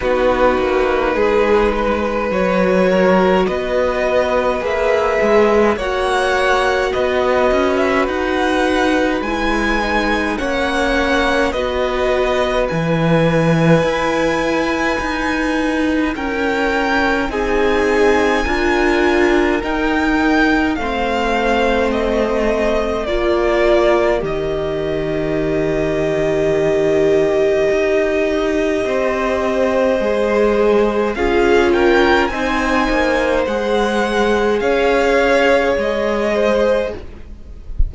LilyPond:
<<
  \new Staff \with { instrumentName = "violin" } { \time 4/4 \tempo 4 = 52 b'2 cis''4 dis''4 | e''4 fis''4 dis''8. e''16 fis''4 | gis''4 fis''4 dis''4 gis''4~ | gis''2 g''4 gis''4~ |
gis''4 g''4 f''4 dis''4 | d''4 dis''2.~ | dis''2. f''8 g''8 | gis''4 fis''4 f''4 dis''4 | }
  \new Staff \with { instrumentName = "violin" } { \time 4/4 fis'4 gis'8 b'4 ais'8 b'4~ | b'4 cis''4 b'2~ | b'4 cis''4 b'2~ | b'2 ais'4 gis'4 |
ais'2 c''2 | ais'1~ | ais'4 c''2 gis'8 ais'8 | c''2 cis''4. c''8 | }
  \new Staff \with { instrumentName = "viola" } { \time 4/4 dis'2 fis'2 | gis'4 fis'2. | e'8 dis'8 cis'4 fis'4 e'4~ | e'2. dis'4 |
f'4 dis'4 c'2 | f'4 g'2.~ | g'2 gis'4 f'4 | dis'4 gis'2. | }
  \new Staff \with { instrumentName = "cello" } { \time 4/4 b8 ais8 gis4 fis4 b4 | ais8 gis8 ais4 b8 cis'8 dis'4 | gis4 ais4 b4 e4 | e'4 dis'4 cis'4 c'4 |
d'4 dis'4 a2 | ais4 dis2. | dis'4 c'4 gis4 cis'4 | c'8 ais8 gis4 cis'4 gis4 | }
>>